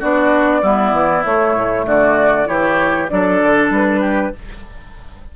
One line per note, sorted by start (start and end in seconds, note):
0.00 0.63 B3
0.00 0.62 D4
0.00 0.62 F#4
0.00 1.25 D5
0.62 0.93 G3
0.62 1.24 B3
0.62 1.86 E4
0.93 1.23 E3
1.24 2.47 A3
1.24 1.56 A3
1.24 1.86 C#5
1.56 1.87 A2
1.87 2.48 D3
1.87 2.49 F#4
1.87 2.47 D5
2.47 3.10 E3
2.47 3.08 E4
2.47 3.11 G4
2.47 3.09 C#5
3.10 3.43 F#3
3.10 4.34 D4
3.10 4.01 A4
3.10 3.71 D5
3.43 3.70 D3
3.70 4.32 G3
3.70 4.36 B4
4.01 4.32 G4